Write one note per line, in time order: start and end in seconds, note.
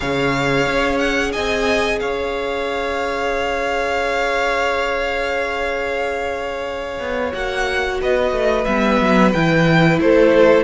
0.00 0.67 C#3
0.00 7.32 G#4
0.00 1.32 C#5
0.00 0.98 F5
0.67 1.33 C#4
0.98 1.31 F#5
1.32 2.01 C4
1.32 1.98 D#5
1.32 1.99 G#5
1.99 6.99 C#4
1.99 8.01 C#5
1.99 7.32 F5
6.99 7.32 B3
7.32 8.00 A#3
7.32 8.65 F#4
7.32 8.00 F#5
8.01 8.32 B3
8.01 10.01 B4
8.01 8.65 D#5
8.32 8.65 A3
8.65 9.00 G3
8.65 9.34 B3
8.65 9.31 E5
9.01 9.34 F#3
9.32 9.99 E3
9.32 10.63 E4
9.32 9.99 G5
9.99 10.63 A3
9.99 10.63 A4
9.99 10.63 C5